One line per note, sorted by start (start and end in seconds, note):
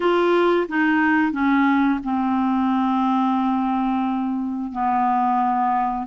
0.00 0.67 F4
0.68 1.32 D#4
1.32 1.99 C#4
2.03 4.72 C4
4.72 6.06 B3